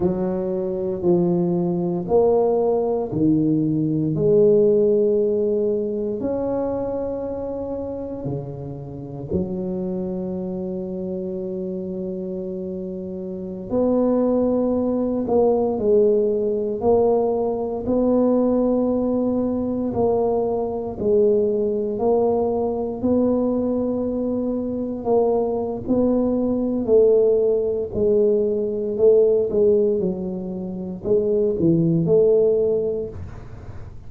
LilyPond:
\new Staff \with { instrumentName = "tuba" } { \time 4/4 \tempo 4 = 58 fis4 f4 ais4 dis4 | gis2 cis'2 | cis4 fis2.~ | fis4~ fis16 b4. ais8 gis8.~ |
gis16 ais4 b2 ais8.~ | ais16 gis4 ais4 b4.~ b16~ | b16 ais8. b4 a4 gis4 | a8 gis8 fis4 gis8 e8 a4 | }